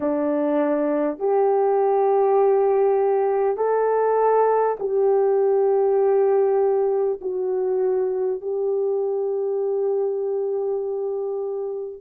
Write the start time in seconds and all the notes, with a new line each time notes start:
0.00 D4
1.18 G4
3.57 A4
4.79 G4
7.21 F#4
8.41 G4